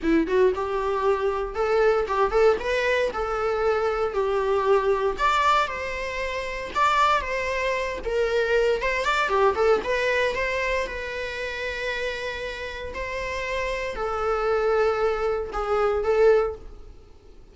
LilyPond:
\new Staff \with { instrumentName = "viola" } { \time 4/4 \tempo 4 = 116 e'8 fis'8 g'2 a'4 | g'8 a'8 b'4 a'2 | g'2 d''4 c''4~ | c''4 d''4 c''4. ais'8~ |
ais'4 c''8 d''8 g'8 a'8 b'4 | c''4 b'2.~ | b'4 c''2 a'4~ | a'2 gis'4 a'4 | }